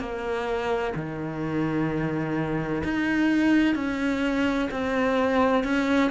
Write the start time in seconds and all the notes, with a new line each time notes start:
0.00 A#3
0.95 D#3
2.84 D#4
3.75 C#4
4.71 C4
5.64 C#4